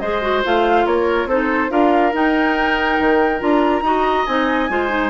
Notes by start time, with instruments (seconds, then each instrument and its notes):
0.00 bassoon G#3, clarinet G#4, oboe C5, flute D#5
0.22 clarinet F#4
0.45 bassoon A3, clarinet F4, flute F5
0.86 bassoon A#3, oboe A#4, flute C#5
1.27 bassoon C4, clarinet D#4, oboe A4, flute C5
1.70 bassoon D4, clarinet F4, oboe A#4, flute F5
2.13 clarinet D#4, bassoon D#4, flute G5
3.00 bassoon D#3
3.40 bassoon D4, clarinet F4, flute A#5
3.82 bassoon D#4, clarinet F#4, oboe D#5
4.27 bassoon C4, clarinet D#4, flute G#5
4.70 bassoon G#3, clarinet F4, oboe C5
4.89 clarinet D#4